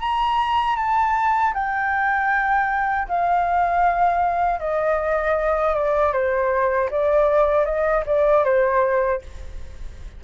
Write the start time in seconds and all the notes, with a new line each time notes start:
0.00 A#5
0.76 A5
1.54 G5
3.08 F5
4.59 D#5
5.74 D5
6.13 C5
6.91 D5
7.65 D#5
8.06 D5
8.45 C5